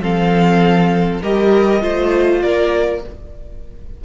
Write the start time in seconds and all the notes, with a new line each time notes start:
0.00 F3 C4 A4 F5
1.22 G3 G4 A#4 D#5
1.81 A3 F4 C5
2.42 A#3 A#4 D5